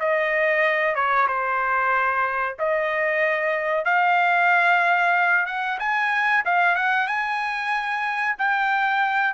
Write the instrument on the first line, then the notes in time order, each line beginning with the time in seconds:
trumpet
0.00 D#5
0.95 C#5
1.28 C5
2.59 D#5
3.85 F5
5.47 F#5
5.79 G#5
6.45 F5
6.76 F#5
7.08 G#5
8.39 G5